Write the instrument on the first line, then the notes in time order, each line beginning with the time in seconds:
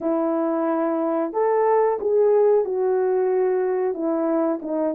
horn
0.00 E4
1.32 A4
2.00 G#4
2.64 F#4
3.94 E4
4.62 D#4